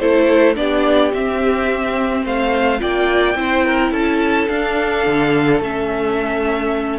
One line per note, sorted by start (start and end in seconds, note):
0.00 0.57 A3
0.00 0.56 E4
0.00 0.57 A4
0.00 0.56 C5
0.56 1.13 B3
0.56 1.12 D4
0.56 2.24 G4
0.56 1.13 D5
1.14 2.25 C4
1.14 2.80 C4
1.14 2.26 E5
2.24 2.82 A3
2.24 2.80 C5
2.24 2.82 F5
2.80 3.35 A#3
2.80 3.36 F4
2.80 3.38 D5
2.80 3.93 G5
3.35 3.91 C4
3.35 4.49 E4
3.35 3.66 C5
3.66 3.92 A#4
3.92 4.48 C#4
3.92 7.00 A4
3.92 4.49 A5
4.49 5.62 D4
4.49 5.06 D4
4.49 5.61 F5
5.07 5.61 D3
5.61 7.00 A3
5.61 7.00 C#4
5.61 7.00 E5